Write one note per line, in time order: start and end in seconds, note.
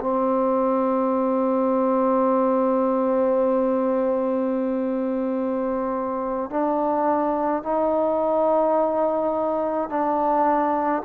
0.00 6.50 C4
6.50 7.63 D4
7.63 9.90 D#4
9.90 11.03 D4